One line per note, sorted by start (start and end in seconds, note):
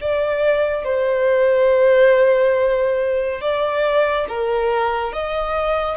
0.00 0.84 D5
0.84 3.41 C5
3.41 4.26 D5
4.28 5.12 A#4
5.12 5.97 D#5